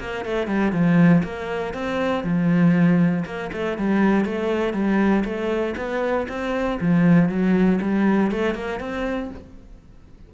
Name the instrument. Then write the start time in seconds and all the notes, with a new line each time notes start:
cello
0.00 A#3
0.25 A3
0.47 G3
0.73 F3
1.24 A#3
1.74 C4
2.24 F3
3.26 A#3
3.53 A3
3.78 G3
4.25 A3
4.74 G3
5.25 A3
5.77 B3
6.29 C4
6.81 F3
7.29 F#3
7.82 G3
8.32 A3
8.55 A#3
8.80 C4